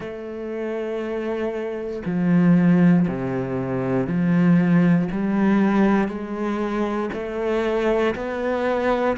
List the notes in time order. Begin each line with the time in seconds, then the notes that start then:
0.00 A3
2.05 F3
3.07 C3
4.06 F3
5.11 G3
6.07 G#3
7.13 A3
8.14 B3